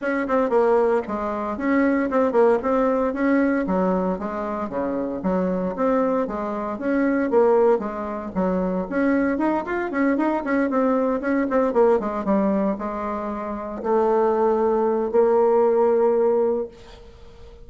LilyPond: \new Staff \with { instrumentName = "bassoon" } { \time 4/4 \tempo 4 = 115 cis'8 c'8 ais4 gis4 cis'4 | c'8 ais8 c'4 cis'4 fis4 | gis4 cis4 fis4 c'4 | gis4 cis'4 ais4 gis4 |
fis4 cis'4 dis'8 f'8 cis'8 dis'8 | cis'8 c'4 cis'8 c'8 ais8 gis8 g8~ | g8 gis2 a4.~ | a4 ais2. | }